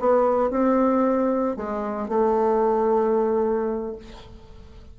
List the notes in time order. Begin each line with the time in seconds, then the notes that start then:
0.00 B3
0.51 C4
1.57 G#3
2.09 A3